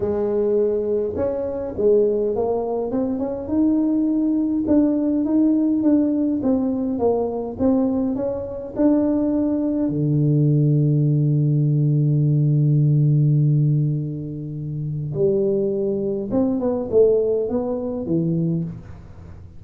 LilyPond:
\new Staff \with { instrumentName = "tuba" } { \time 4/4 \tempo 4 = 103 gis2 cis'4 gis4 | ais4 c'8 cis'8 dis'2 | d'4 dis'4 d'4 c'4 | ais4 c'4 cis'4 d'4~ |
d'4 d2.~ | d1~ | d2 g2 | c'8 b8 a4 b4 e4 | }